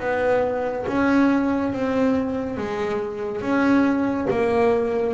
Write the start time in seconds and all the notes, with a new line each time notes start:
0.00 B3
0.87 C#4
1.73 C4
2.58 G#3
3.42 C#4
4.31 A#3